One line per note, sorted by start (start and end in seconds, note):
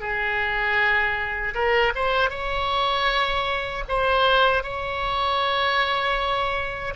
0.00 1.54 G#4
1.54 1.93 A#4
1.95 2.30 C5
2.30 3.84 C#5
3.88 4.63 C5
4.63 6.94 C#5